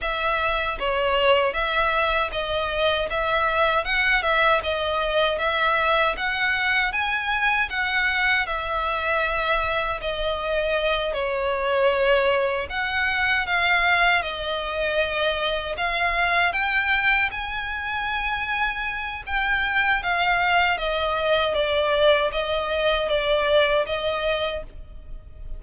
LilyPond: \new Staff \with { instrumentName = "violin" } { \time 4/4 \tempo 4 = 78 e''4 cis''4 e''4 dis''4 | e''4 fis''8 e''8 dis''4 e''4 | fis''4 gis''4 fis''4 e''4~ | e''4 dis''4. cis''4.~ |
cis''8 fis''4 f''4 dis''4.~ | dis''8 f''4 g''4 gis''4.~ | gis''4 g''4 f''4 dis''4 | d''4 dis''4 d''4 dis''4 | }